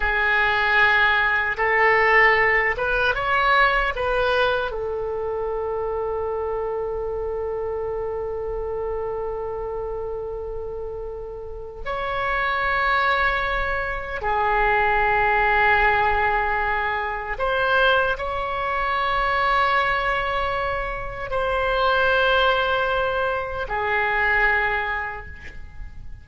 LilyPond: \new Staff \with { instrumentName = "oboe" } { \time 4/4 \tempo 4 = 76 gis'2 a'4. b'8 | cis''4 b'4 a'2~ | a'1~ | a'2. cis''4~ |
cis''2 gis'2~ | gis'2 c''4 cis''4~ | cis''2. c''4~ | c''2 gis'2 | }